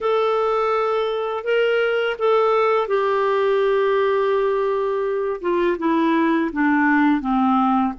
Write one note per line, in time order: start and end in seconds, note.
0.00 1.44 A4
1.44 2.16 A#4
2.18 2.87 A4
2.87 5.40 G4
5.41 5.77 F4
5.78 6.51 E4
6.52 7.20 D4
7.20 7.93 C4